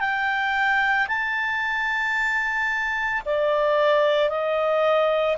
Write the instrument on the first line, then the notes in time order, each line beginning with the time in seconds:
clarinet
0.00 G5
1.08 A5
3.26 D5
4.30 D#5